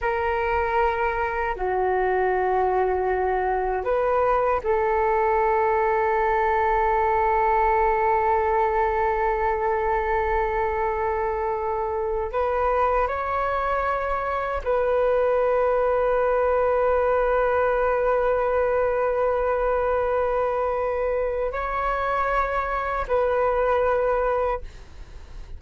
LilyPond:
\new Staff \with { instrumentName = "flute" } { \time 4/4 \tempo 4 = 78 ais'2 fis'2~ | fis'4 b'4 a'2~ | a'1~ | a'1 |
b'4 cis''2 b'4~ | b'1~ | b'1 | cis''2 b'2 | }